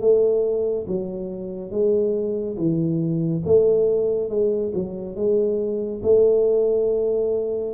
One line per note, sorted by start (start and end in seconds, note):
0.00 0.86 A3
0.86 1.71 F#3
1.71 2.56 G#3
2.57 3.42 E3
3.45 4.29 A3
4.29 4.72 G#3
4.74 5.15 F#3
5.15 6.01 G#3
6.02 7.74 A3